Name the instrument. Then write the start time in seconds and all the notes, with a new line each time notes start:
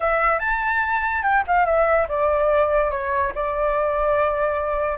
flute
0.00 E5
0.39 A5
1.23 G5
1.47 F5
1.65 E5
2.08 D5
2.91 C#5
3.34 D5